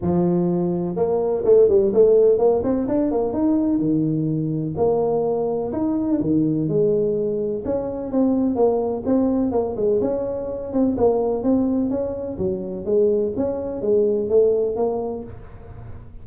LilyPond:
\new Staff \with { instrumentName = "tuba" } { \time 4/4 \tempo 4 = 126 f2 ais4 a8 g8 | a4 ais8 c'8 d'8 ais8 dis'4 | dis2 ais2 | dis'4 dis4 gis2 |
cis'4 c'4 ais4 c'4 | ais8 gis8 cis'4. c'8 ais4 | c'4 cis'4 fis4 gis4 | cis'4 gis4 a4 ais4 | }